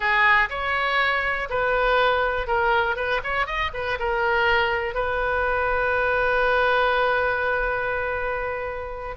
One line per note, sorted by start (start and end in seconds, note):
0.00 0.49 G#4
0.49 1.48 C#5
1.49 2.47 B4
2.47 2.96 A#4
2.96 3.21 B4
3.23 3.46 C#5
3.46 3.71 D#5
3.73 3.98 B4
3.99 4.94 A#4
4.94 9.16 B4